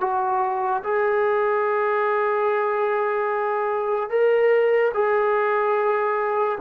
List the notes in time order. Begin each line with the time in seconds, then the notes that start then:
0.00 F#4
0.83 G#4
4.09 A#4
4.94 G#4